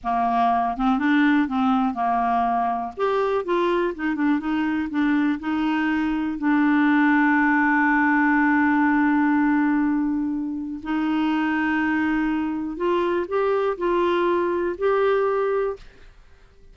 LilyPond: \new Staff \with { instrumentName = "clarinet" } { \time 4/4 \tempo 4 = 122 ais4. c'8 d'4 c'4 | ais2 g'4 f'4 | dis'8 d'8 dis'4 d'4 dis'4~ | dis'4 d'2.~ |
d'1~ | d'2 dis'2~ | dis'2 f'4 g'4 | f'2 g'2 | }